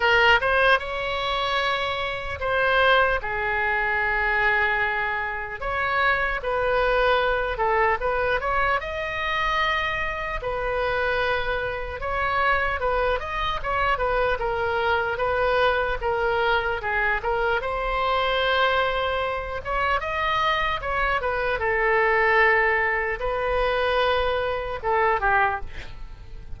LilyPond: \new Staff \with { instrumentName = "oboe" } { \time 4/4 \tempo 4 = 75 ais'8 c''8 cis''2 c''4 | gis'2. cis''4 | b'4. a'8 b'8 cis''8 dis''4~ | dis''4 b'2 cis''4 |
b'8 dis''8 cis''8 b'8 ais'4 b'4 | ais'4 gis'8 ais'8 c''2~ | c''8 cis''8 dis''4 cis''8 b'8 a'4~ | a'4 b'2 a'8 g'8 | }